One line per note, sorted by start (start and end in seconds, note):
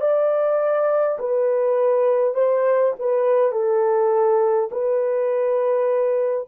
0.00 1.18 D5
1.18 2.34 B4
2.34 2.93 C5
2.98 3.51 B4
3.51 4.69 A4
4.71 6.48 B4